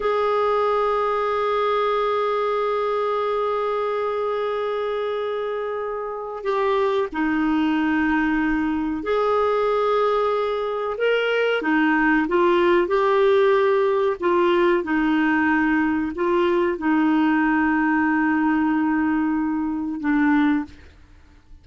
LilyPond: \new Staff \with { instrumentName = "clarinet" } { \time 4/4 \tempo 4 = 93 gis'1~ | gis'1~ | gis'2 g'4 dis'4~ | dis'2 gis'2~ |
gis'4 ais'4 dis'4 f'4 | g'2 f'4 dis'4~ | dis'4 f'4 dis'2~ | dis'2. d'4 | }